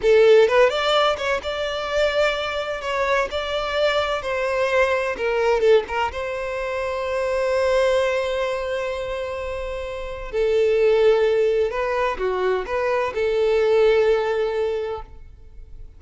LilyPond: \new Staff \with { instrumentName = "violin" } { \time 4/4 \tempo 4 = 128 a'4 b'8 d''4 cis''8 d''4~ | d''2 cis''4 d''4~ | d''4 c''2 ais'4 | a'8 ais'8 c''2.~ |
c''1~ | c''2 a'2~ | a'4 b'4 fis'4 b'4 | a'1 | }